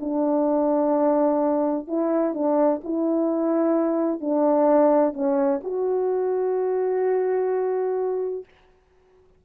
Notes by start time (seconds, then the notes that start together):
0.00 D4
1.87 E4
2.34 D4
2.83 E4
4.21 D4
5.13 C#4
5.63 F#4